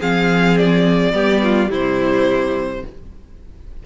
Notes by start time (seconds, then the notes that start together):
0.00 F3 C4 G#4 F5
0.58 D5
1.13 G3 B3 G4
1.44 F4
1.68 C3 G3 E4 C5